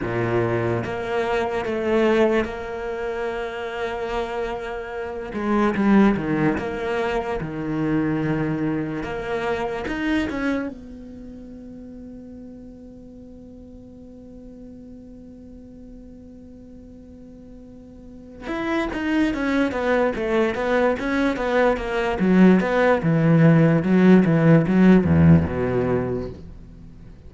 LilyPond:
\new Staff \with { instrumentName = "cello" } { \time 4/4 \tempo 4 = 73 ais,4 ais4 a4 ais4~ | ais2~ ais8 gis8 g8 dis8 | ais4 dis2 ais4 | dis'8 cis'8 b2.~ |
b1~ | b2~ b8 e'8 dis'8 cis'8 | b8 a8 b8 cis'8 b8 ais8 fis8 b8 | e4 fis8 e8 fis8 e,8 b,4 | }